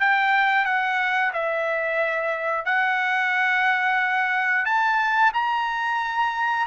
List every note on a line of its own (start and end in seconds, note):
0.00 0.65 G5
0.65 1.32 F#5
1.33 2.65 E5
2.65 4.65 F#5
4.65 5.32 A5
5.34 6.66 A#5